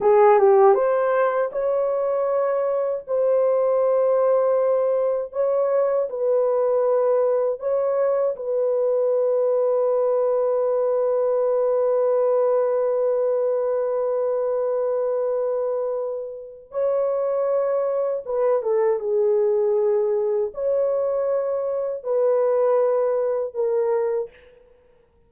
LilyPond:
\new Staff \with { instrumentName = "horn" } { \time 4/4 \tempo 4 = 79 gis'8 g'8 c''4 cis''2 | c''2. cis''4 | b'2 cis''4 b'4~ | b'1~ |
b'1~ | b'2 cis''2 | b'8 a'8 gis'2 cis''4~ | cis''4 b'2 ais'4 | }